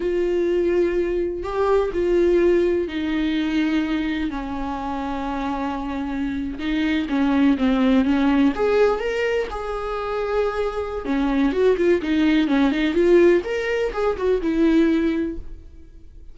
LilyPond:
\new Staff \with { instrumentName = "viola" } { \time 4/4 \tempo 4 = 125 f'2. g'4 | f'2 dis'2~ | dis'4 cis'2.~ | cis'4.~ cis'16 dis'4 cis'4 c'16~ |
c'8. cis'4 gis'4 ais'4 gis'16~ | gis'2. cis'4 | fis'8 f'8 dis'4 cis'8 dis'8 f'4 | ais'4 gis'8 fis'8 e'2 | }